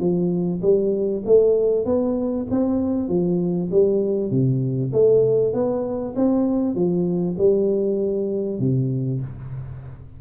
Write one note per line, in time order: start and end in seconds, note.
0.00 0.61 F3
0.62 1.23 G3
1.26 1.86 A3
1.86 2.47 B3
2.51 3.09 C4
3.09 3.70 F3
3.71 4.31 G3
4.31 4.92 C3
4.93 5.54 A3
5.54 6.15 B3
6.16 6.75 C4
6.75 7.37 F3
7.38 8.60 G3
8.60 9.21 C3